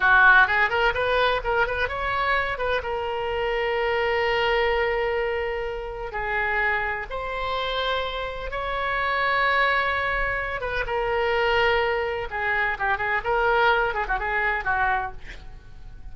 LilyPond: \new Staff \with { instrumentName = "oboe" } { \time 4/4 \tempo 4 = 127 fis'4 gis'8 ais'8 b'4 ais'8 b'8 | cis''4. b'8 ais'2~ | ais'1~ | ais'4 gis'2 c''4~ |
c''2 cis''2~ | cis''2~ cis''8 b'8 ais'4~ | ais'2 gis'4 g'8 gis'8 | ais'4. gis'16 fis'16 gis'4 fis'4 | }